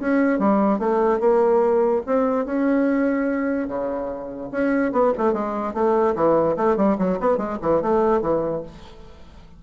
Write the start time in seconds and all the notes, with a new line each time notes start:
0.00 C#4
0.40 G3
0.79 A3
1.20 A#3
2.06 C4
2.46 C#4
3.68 C#3
4.52 C#4
4.92 B3
5.18 A3
5.33 G#3
5.74 A3
6.16 E3
6.57 A3
6.77 G3
6.99 F#3
7.20 B3
7.38 G#3
7.62 E3
7.82 A3
8.22 E3